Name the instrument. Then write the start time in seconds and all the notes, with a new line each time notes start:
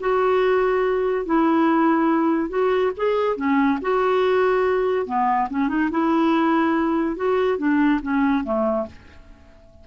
clarinet
0.00 F#4
1.26 E4
2.49 F#4
2.97 G#4
3.36 C#4
3.82 F#4
5.06 B3
5.50 C#4
5.69 D#4
5.91 E4
7.16 F#4
7.58 D4
8.02 C#4
8.44 A3